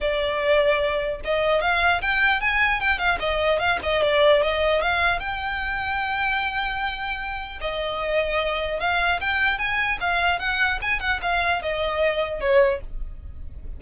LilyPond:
\new Staff \with { instrumentName = "violin" } { \time 4/4 \tempo 4 = 150 d''2. dis''4 | f''4 g''4 gis''4 g''8 f''8 | dis''4 f''8 dis''8 d''4 dis''4 | f''4 g''2.~ |
g''2. dis''4~ | dis''2 f''4 g''4 | gis''4 f''4 fis''4 gis''8 fis''8 | f''4 dis''2 cis''4 | }